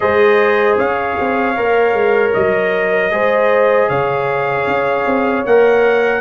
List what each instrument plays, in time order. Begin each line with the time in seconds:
0.00 tuba G#3, trombone G#4, horn C5, trumpet D#5
0.77 tuba C#4, horn C#5, trumpet F5
1.19 tuba C4
1.56 tuba A#3, trombone A#4
1.93 tuba G#3
2.33 tuba F#3, trumpet D#5
3.11 tuba G#3, trombone G#4, horn C5
3.89 tuba C#3, horn C#5, trumpet F5
4.66 tuba C#4
5.06 tuba C4
5.45 tuba A#3, trombone A#4, trumpet F#5